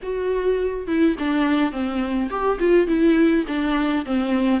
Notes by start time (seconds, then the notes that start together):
0.02 F#4
0.87 E4
1.18 D4
1.72 C4
2.30 G4
2.59 F4
2.87 E4
3.47 D4
4.05 C4